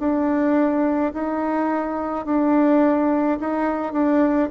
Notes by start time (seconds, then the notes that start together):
0.00 D4
1.14 D#4
2.26 D4
3.40 D#4
3.93 D4